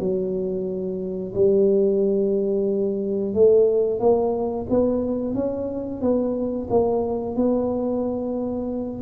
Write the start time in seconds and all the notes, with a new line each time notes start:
0.00 F#3
1.35 G3
3.34 A3
4.00 A#3
4.70 B3
5.35 C#4
6.01 B3
6.70 A#3
7.35 B3